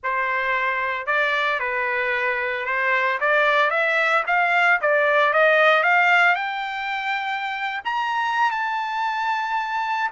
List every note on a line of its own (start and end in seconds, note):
0.03 1.06 C5
1.06 1.59 D5
1.59 2.65 B4
2.65 3.18 C5
3.20 3.70 D5
3.70 4.23 E5
4.26 4.79 F5
4.81 5.33 D5
5.33 5.83 D#5
5.83 6.35 F5
6.35 7.81 G5
7.84 8.51 A#5
8.51 10.10 A5